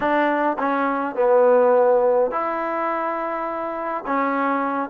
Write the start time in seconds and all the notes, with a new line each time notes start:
0.00 D4
0.58 C#4
1.15 B3
2.31 E4
4.06 C#4